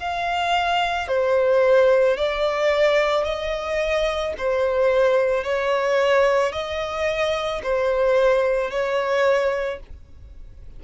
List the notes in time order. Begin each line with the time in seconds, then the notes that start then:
0.00 F5
1.08 C5
2.18 D5
3.25 D#5
4.38 C5
5.44 C#5
6.53 D#5
7.64 C5
8.71 C#5